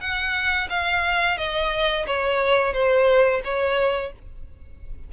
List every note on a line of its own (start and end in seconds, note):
0.00 0.68 F#5
0.69 1.38 F5
1.38 2.06 D#5
2.07 2.73 C#5
2.73 3.41 C5
3.44 4.12 C#5